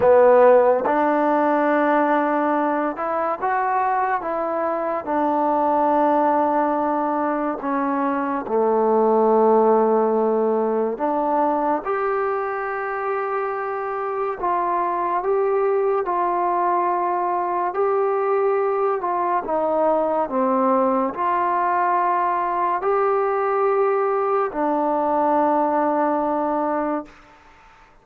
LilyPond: \new Staff \with { instrumentName = "trombone" } { \time 4/4 \tempo 4 = 71 b4 d'2~ d'8 e'8 | fis'4 e'4 d'2~ | d'4 cis'4 a2~ | a4 d'4 g'2~ |
g'4 f'4 g'4 f'4~ | f'4 g'4. f'8 dis'4 | c'4 f'2 g'4~ | g'4 d'2. | }